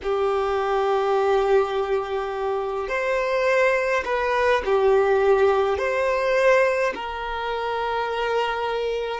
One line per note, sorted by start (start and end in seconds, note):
0.03 2.88 G4
2.88 4.03 C5
4.04 4.62 B4
4.65 5.77 G4
5.77 6.93 C5
6.94 9.20 A#4